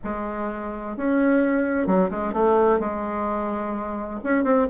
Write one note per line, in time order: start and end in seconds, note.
0.04 0.97 G#3
0.97 1.86 C#4
1.86 2.10 F#3
2.10 2.33 G#3
2.33 2.79 A3
2.79 4.20 G#3
4.23 4.43 C#4
4.43 4.67 C4